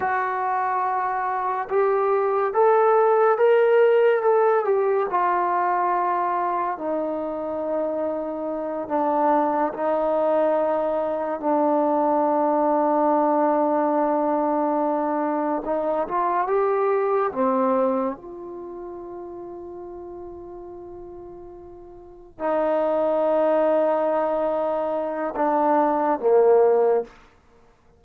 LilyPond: \new Staff \with { instrumentName = "trombone" } { \time 4/4 \tempo 4 = 71 fis'2 g'4 a'4 | ais'4 a'8 g'8 f'2 | dis'2~ dis'8 d'4 dis'8~ | dis'4. d'2~ d'8~ |
d'2~ d'8 dis'8 f'8 g'8~ | g'8 c'4 f'2~ f'8~ | f'2~ f'8 dis'4.~ | dis'2 d'4 ais4 | }